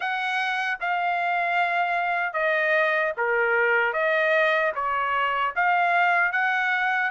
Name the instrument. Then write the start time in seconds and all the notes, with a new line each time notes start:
trumpet
0.00 F#5
0.80 F5
2.33 D#5
3.17 A#4
3.93 D#5
4.75 C#5
5.55 F5
6.32 F#5